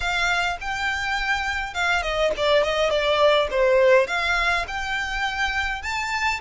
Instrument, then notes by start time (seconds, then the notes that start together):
violin
0.00 F5
0.60 G5
1.73 F5
2.02 D#5
2.36 D5
2.63 D#5
2.89 D5
3.50 C5
4.07 F5
4.67 G5
5.82 A5